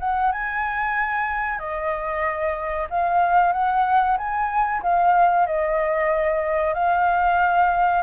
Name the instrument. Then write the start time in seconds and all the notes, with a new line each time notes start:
flute
0.00 F#5
0.32 G#5
1.59 D#5
2.90 F5
3.53 F#5
4.18 G#5
4.82 F5
5.47 D#5
6.74 F5